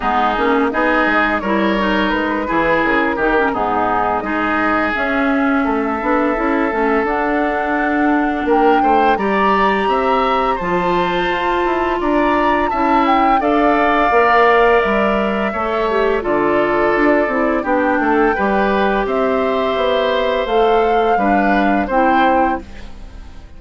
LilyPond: <<
  \new Staff \with { instrumentName = "flute" } { \time 4/4 \tempo 4 = 85 gis'4 dis''4 cis''4 b'4 | ais'4 gis'4 dis''4 e''4~ | e''2 fis''2 | g''4 ais''2 a''4~ |
a''4 ais''4 a''8 g''8 f''4~ | f''4 e''2 d''4~ | d''4 g''2 e''4~ | e''4 f''2 g''4 | }
  \new Staff \with { instrumentName = "oboe" } { \time 4/4 dis'4 gis'4 ais'4. gis'8~ | gis'8 g'8 dis'4 gis'2 | a'1 | ais'8 c''8 d''4 e''4 c''4~ |
c''4 d''4 e''4 d''4~ | d''2 cis''4 a'4~ | a'4 g'8 a'8 b'4 c''4~ | c''2 b'4 c''4 | }
  \new Staff \with { instrumentName = "clarinet" } { \time 4/4 b8 cis'8 dis'4 e'8 dis'4 e'8~ | e'8 dis'16 cis'16 b4 dis'4 cis'4~ | cis'8 d'8 e'8 cis'8 d'2~ | d'4 g'2 f'4~ |
f'2 e'4 a'4 | ais'2 a'8 g'8 f'4~ | f'8 e'8 d'4 g'2~ | g'4 a'4 d'4 e'4 | }
  \new Staff \with { instrumentName = "bassoon" } { \time 4/4 gis8 ais8 b8 gis8 g4 gis8 e8 | cis8 dis8 gis,4 gis4 cis'4 | a8 b8 cis'8 a8 d'2 | ais8 a8 g4 c'4 f4 |
f'8 e'8 d'4 cis'4 d'4 | ais4 g4 a4 d4 | d'8 c'8 b8 a8 g4 c'4 | b4 a4 g4 c'4 | }
>>